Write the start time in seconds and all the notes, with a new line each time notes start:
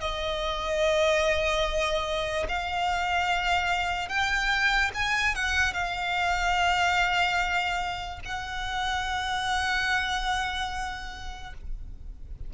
0.00 D#5
2.48 F5
4.09 G5
4.94 G#5
5.35 F#5
5.73 F5
8.25 F#5